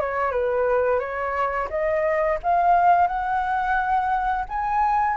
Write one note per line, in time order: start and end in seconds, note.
0.00 0.31 C#5
0.31 0.99 B4
0.99 1.68 C#5
1.69 2.38 D#5
2.43 3.07 F5
3.07 4.45 F#5
4.48 5.17 G#5